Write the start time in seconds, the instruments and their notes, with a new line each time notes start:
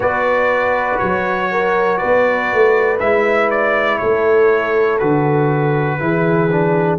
0.00 tuba B3, trombone F#4, horn B4, trumpet D5
0.98 tuba F#3, trumpet C#5
1.51 horn A#4
1.97 horn B4, trumpet D5
2.04 tuba B3
2.53 tuba A3
2.99 tuba G#3, trombone E4, trumpet E5
3.50 trumpet D5
3.98 tuba A3, horn A4, trumpet C#5
4.99 tuba D3, trombone F#4, trumpet B4
5.99 tuba E3, trombone E4, horn G#4
6.50 trombone D4